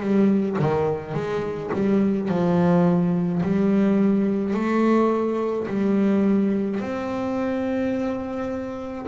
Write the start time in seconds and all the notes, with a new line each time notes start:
0.00 G3
0.59 D#3
1.14 G#3
1.73 G3
2.28 F3
3.43 G3
4.54 A3
5.68 G3
6.80 C4